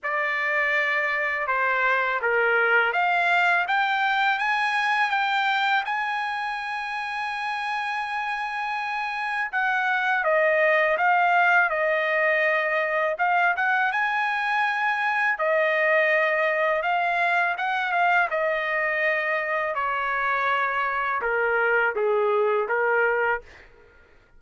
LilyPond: \new Staff \with { instrumentName = "trumpet" } { \time 4/4 \tempo 4 = 82 d''2 c''4 ais'4 | f''4 g''4 gis''4 g''4 | gis''1~ | gis''4 fis''4 dis''4 f''4 |
dis''2 f''8 fis''8 gis''4~ | gis''4 dis''2 f''4 | fis''8 f''8 dis''2 cis''4~ | cis''4 ais'4 gis'4 ais'4 | }